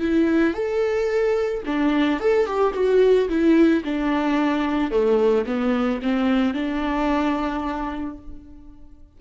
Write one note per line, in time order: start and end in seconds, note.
0.00 0.54 E4
0.54 1.63 A4
1.66 2.21 D4
2.21 2.46 A4
2.46 2.74 G4
2.74 3.29 F#4
3.29 3.84 E4
3.84 4.91 D4
4.91 5.46 A3
5.46 6.00 B3
6.02 6.54 C4
6.54 8.18 D4